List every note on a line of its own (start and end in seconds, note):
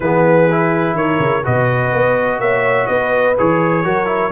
0.00 0.93 E3
0.00 0.50 B3
0.00 0.97 G#4
0.00 0.96 B4
0.50 1.43 E4
0.93 1.17 D#3
0.93 1.42 A#4
0.93 1.44 C#5
1.19 1.43 C#3
1.42 1.93 B2
1.42 3.35 F#4
1.42 2.38 B4
1.42 2.40 D#5
1.93 2.39 B3
2.39 2.87 A#3
2.39 2.88 C#5
2.39 2.86 E5
2.86 3.37 B3
2.86 3.84 B4
2.86 3.34 D#5
3.38 3.85 E3
3.38 3.83 G#4
3.38 4.32 C#5
3.83 4.32 F#3
3.83 4.05 F#4
3.83 4.32 A#4
4.05 4.29 E4